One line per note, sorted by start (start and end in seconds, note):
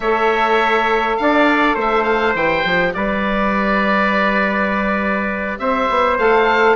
0.00 1.17 A3
0.00 2.37 A4
0.00 1.18 C#5
0.00 1.16 E5
1.16 1.76 D4
1.16 1.75 F5
1.22 1.75 D5
1.75 2.34 A3
1.75 2.92 C5
1.75 2.03 E5
2.03 2.32 F5
2.34 2.63 E3
2.34 6.19 G4
2.34 2.94 G5
2.64 2.94 F3
2.94 5.58 G3
2.94 5.61 B4
2.94 5.58 D5
5.58 5.88 C4
5.58 6.75 C5
5.58 6.17 E5
5.89 6.18 B3
6.18 6.75 A3
6.18 6.75 A4
6.18 6.75 F5